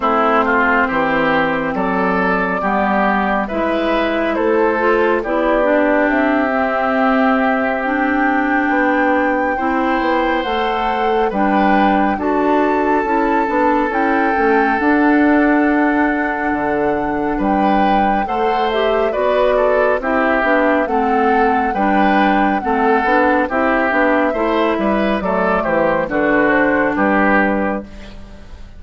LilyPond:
<<
  \new Staff \with { instrumentName = "flute" } { \time 4/4 \tempo 4 = 69 c''2 d''2 | e''4 c''4 d''4 e''4~ | e''4 g''2. | fis''4 g''4 a''2 |
g''4 fis''2. | g''4 fis''8 e''8 d''4 e''4 | fis''4 g''4 fis''4 e''4~ | e''4 d''8 c''8 b'8 c''8 b'4 | }
  \new Staff \with { instrumentName = "oboe" } { \time 4/4 e'8 f'8 g'4 a'4 g'4 | b'4 a'4 g'2~ | g'2. c''4~ | c''4 b'4 a'2~ |
a'1 | b'4 c''4 b'8 a'8 g'4 | a'4 b'4 a'4 g'4 | c''8 b'8 a'8 g'8 fis'4 g'4 | }
  \new Staff \with { instrumentName = "clarinet" } { \time 4/4 c'2. b4 | e'4. f'8 e'8 d'4 c'8~ | c'4 d'2 e'4 | a'4 d'4 fis'4 e'8 d'8 |
e'8 cis'8 d'2.~ | d'4 a'8 g'8 fis'4 e'8 d'8 | c'4 d'4 c'8 d'8 e'8 d'8 | e'4 a4 d'2 | }
  \new Staff \with { instrumentName = "bassoon" } { \time 4/4 a4 e4 fis4 g4 | gis4 a4 b4 c'4~ | c'2 b4 c'8 b8 | a4 g4 d'4 cis'8 b8 |
cis'8 a8 d'2 d4 | g4 a4 b4 c'8 b8 | a4 g4 a8 b8 c'8 b8 | a8 g8 fis8 e8 d4 g4 | }
>>